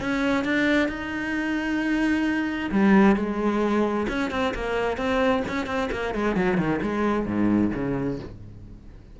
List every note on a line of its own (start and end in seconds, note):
0.00 0.44 C#4
0.44 0.88 D4
0.88 2.70 D#4
2.71 3.16 G3
3.16 4.07 G#3
4.08 4.31 C#4
4.31 4.53 C4
4.54 4.97 A#3
4.97 5.43 C4
5.48 5.66 C#4
5.66 5.89 C4
5.92 6.14 A#3
6.14 6.36 G#3
6.36 6.57 F#3
6.57 6.80 D#3
6.82 7.26 G#3
7.26 7.71 G#2
7.74 8.19 C#3